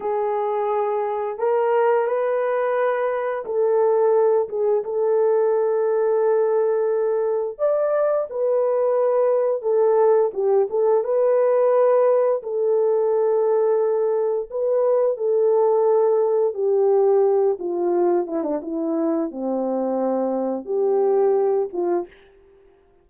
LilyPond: \new Staff \with { instrumentName = "horn" } { \time 4/4 \tempo 4 = 87 gis'2 ais'4 b'4~ | b'4 a'4. gis'8 a'4~ | a'2. d''4 | b'2 a'4 g'8 a'8 |
b'2 a'2~ | a'4 b'4 a'2 | g'4. f'4 e'16 d'16 e'4 | c'2 g'4. f'8 | }